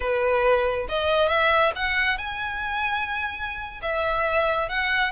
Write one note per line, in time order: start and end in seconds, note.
0.00 0.87 B4
0.88 1.28 D#5
1.28 1.72 E5
1.75 2.17 F#5
2.17 3.80 G#5
3.82 4.69 E5
4.69 5.11 F#5